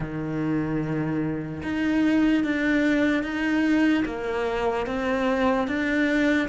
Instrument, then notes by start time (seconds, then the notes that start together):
cello
0.00 D#3
1.63 D#4
2.43 D4
3.22 D#4
4.05 A#3
4.86 C4
5.67 D4